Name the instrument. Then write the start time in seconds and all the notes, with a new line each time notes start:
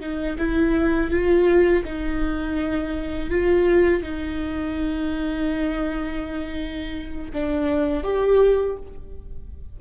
viola
0.00 D#4
0.38 E4
1.10 F4
1.85 D#4
3.30 F4
4.02 D#4
7.33 D4
8.04 G4